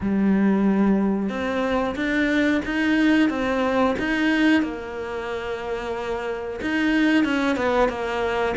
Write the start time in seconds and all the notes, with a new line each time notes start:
0.01 G3
1.29 C4
1.95 D4
2.65 D#4
3.29 C4
3.98 D#4
4.62 A#3
6.61 D#4
7.24 C#4
7.56 B3
7.89 A#3